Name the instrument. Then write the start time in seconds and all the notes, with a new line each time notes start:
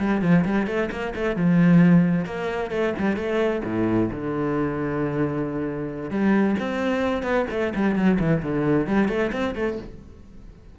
cello
0.00 G3
0.22 F3
0.45 G3
0.67 A3
0.92 A#3
1.16 A3
1.36 F3
2.26 A#3
2.71 A3
2.99 G3
3.17 A3
3.65 A2
4.11 D3
6.11 G3
6.60 C4
7.23 B3
7.51 A3
7.76 G3
7.96 F#3
8.20 E3
8.43 D3
8.87 G3
9.09 A3
9.33 C4
9.56 A3